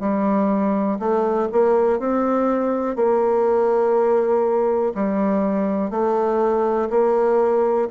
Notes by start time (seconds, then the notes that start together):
0.00 G3
0.99 A3
1.52 A#3
1.99 C4
2.96 A#3
4.95 G3
5.91 A3
6.90 A#3